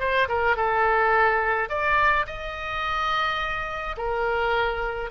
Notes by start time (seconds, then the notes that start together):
0.00 C5
0.29 A#4
0.57 A4
1.69 D5
2.26 D#5
3.98 A#4